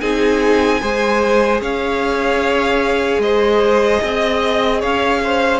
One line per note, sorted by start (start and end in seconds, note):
0.00 0.81 C4
0.00 0.80 D#4
0.00 0.81 G#4
0.00 1.60 G#5
0.80 1.61 G#3
0.80 5.60 G#4
0.80 1.61 C5
1.61 3.18 C#4
1.61 3.21 C#5
1.61 3.21 F5
3.18 3.98 G#3
3.18 4.02 C5
3.18 4.81 D#5
4.03 4.83 C4
4.03 4.80 D#5
4.80 5.60 C#4
4.80 5.20 C#5
4.80 5.60 F5
5.23 5.60 C5